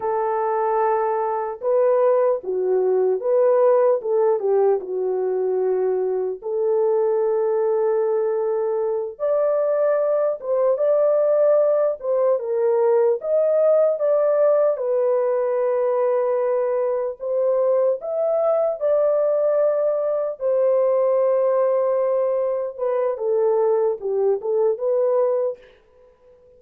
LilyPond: \new Staff \with { instrumentName = "horn" } { \time 4/4 \tempo 4 = 75 a'2 b'4 fis'4 | b'4 a'8 g'8 fis'2 | a'2.~ a'8 d''8~ | d''4 c''8 d''4. c''8 ais'8~ |
ais'8 dis''4 d''4 b'4.~ | b'4. c''4 e''4 d''8~ | d''4. c''2~ c''8~ | c''8 b'8 a'4 g'8 a'8 b'4 | }